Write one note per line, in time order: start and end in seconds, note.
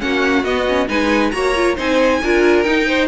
0.00 0.44 A#3
0.00 0.44 C#4
0.00 0.88 F#4
0.00 0.44 F#5
0.44 0.87 B3
0.44 0.66 B3
0.44 0.88 D#5
0.68 0.87 C#4
0.87 1.33 G#3
0.87 1.31 D#4
0.87 1.32 B4
0.87 1.31 G#5
1.31 1.77 A#3
1.31 1.54 F#4
1.31 1.76 C#5
1.31 1.75 A#5
1.55 1.76 F4
1.76 2.21 C4
1.76 2.20 D#4
1.76 2.20 C5
1.76 2.63 G#5
2.23 2.66 D4
2.23 2.65 F4
2.23 2.87 A#4
2.63 3.08 D#4
2.63 3.06 G5
2.87 3.08 C5